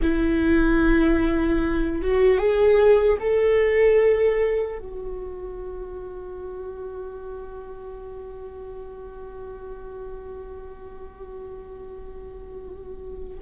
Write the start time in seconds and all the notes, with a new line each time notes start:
0.01 E4
2.01 F#4
2.38 G#4
3.20 A4
4.79 F#4